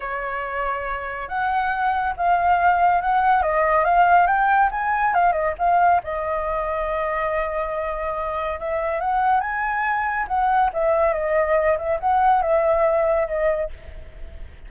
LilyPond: \new Staff \with { instrumentName = "flute" } { \time 4/4 \tempo 4 = 140 cis''2. fis''4~ | fis''4 f''2 fis''4 | dis''4 f''4 g''4 gis''4 | f''8 dis''8 f''4 dis''2~ |
dis''1 | e''4 fis''4 gis''2 | fis''4 e''4 dis''4. e''8 | fis''4 e''2 dis''4 | }